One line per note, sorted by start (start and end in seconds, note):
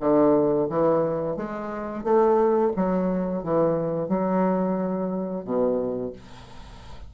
0.00 0.68 D3
0.69 1.36 E3
1.36 2.04 G#3
2.04 2.72 A3
2.76 3.43 F#3
3.43 4.08 E3
4.08 5.44 F#3
5.44 6.12 B2